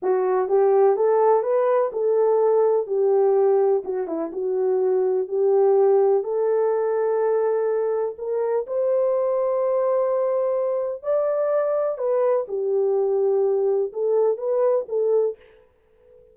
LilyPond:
\new Staff \with { instrumentName = "horn" } { \time 4/4 \tempo 4 = 125 fis'4 g'4 a'4 b'4 | a'2 g'2 | fis'8 e'8 fis'2 g'4~ | g'4 a'2.~ |
a'4 ais'4 c''2~ | c''2. d''4~ | d''4 b'4 g'2~ | g'4 a'4 b'4 a'4 | }